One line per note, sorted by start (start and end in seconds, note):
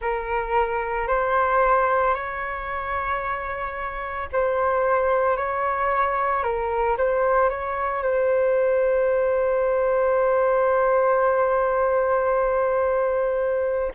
0.00 1.07 A#4
1.07 2.14 C5
2.14 4.29 C#5
4.32 5.36 C5
5.36 6.43 C#5
6.43 6.96 A#4
6.97 7.50 C5
7.50 8.02 C#5
8.02 13.91 C5